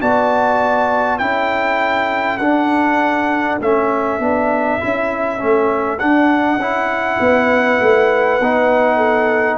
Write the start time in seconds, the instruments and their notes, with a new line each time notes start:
0.00 tuba B3, trombone F#4, horn D5, trumpet A5
1.18 tuba C#4, trombone E4, horn A4, trumpet G5
2.38 tuba D4, trombone D4, trumpet F#5
3.60 tuba A3, trombone C#4, trumpet E5
4.19 tuba B3, trombone D4
4.79 tuba C#4, trombone E4
5.38 tuba A3, trombone C#4
5.99 trombone D4, tuba D4, trumpet F#5
6.57 tuba C#4, trombone E4
7.20 tuba B3, horn B4
7.81 tuba A3
8.40 tuba B3, trombone D#4
8.96 horn A4